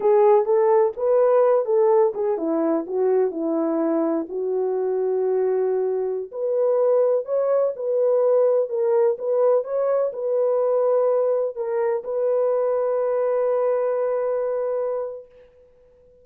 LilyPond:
\new Staff \with { instrumentName = "horn" } { \time 4/4 \tempo 4 = 126 gis'4 a'4 b'4. a'8~ | a'8 gis'8 e'4 fis'4 e'4~ | e'4 fis'2.~ | fis'4~ fis'16 b'2 cis''8.~ |
cis''16 b'2 ais'4 b'8.~ | b'16 cis''4 b'2~ b'8.~ | b'16 ais'4 b'2~ b'8.~ | b'1 | }